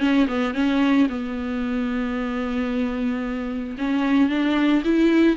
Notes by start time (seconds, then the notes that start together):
0.00 C#4
0.28 B3
0.54 C#4
1.09 B3
3.78 C#4
4.29 D4
4.85 E4